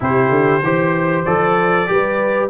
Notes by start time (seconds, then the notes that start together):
0.00 C3 E4 G4 C5
0.29 D3
0.62 E3 G4 C5
1.24 F3 A4 D5
1.86 G3 G4 B4